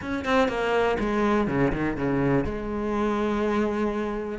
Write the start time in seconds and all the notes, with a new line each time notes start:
0.01 C#4
0.24 C4
0.48 A#3
0.99 G#3
1.47 C#3
1.72 D#3
1.96 C#3
2.44 G#3